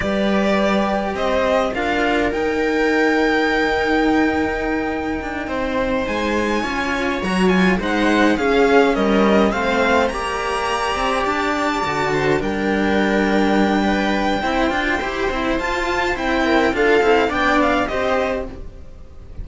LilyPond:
<<
  \new Staff \with { instrumentName = "violin" } { \time 4/4 \tempo 4 = 104 d''2 dis''4 f''4 | g''1~ | g''2~ g''8 gis''4.~ | gis''8 ais''8 gis''8 fis''4 f''4 dis''8~ |
dis''8 f''4 ais''2 a''8~ | a''4. g''2~ g''8~ | g''2. a''4 | g''4 f''4 g''8 f''8 dis''4 | }
  \new Staff \with { instrumentName = "viola" } { \time 4/4 b'2 c''4 ais'4~ | ais'1~ | ais'4. c''2 cis''8~ | cis''4. c''4 gis'4 ais'8~ |
ais'8 c''4 d''2~ d''8~ | d''4 c''8 ais'2~ ais'8 | b'4 c''2.~ | c''8 ais'8 a'4 d''4 c''4 | }
  \new Staff \with { instrumentName = "cello" } { \time 4/4 g'2. f'4 | dis'1~ | dis'2.~ dis'8 f'8~ | f'8 fis'8 f'8 dis'4 cis'4.~ |
cis'8 c'4 g'2~ g'8~ | g'8 fis'4 d'2~ d'8~ | d'4 e'8 f'8 g'8 e'8 f'4 | e'4 f'8 e'8 d'4 g'4 | }
  \new Staff \with { instrumentName = "cello" } { \time 4/4 g2 c'4 d'4 | dis'1~ | dis'4 d'8 c'4 gis4 cis'8~ | cis'8 fis4 gis4 cis'4 g8~ |
g8 a4 ais4. c'8 d'8~ | d'8 d4 g2~ g8~ | g4 c'8 d'8 e'8 c'8 f'4 | c'4 d'8 c'8 b4 c'4 | }
>>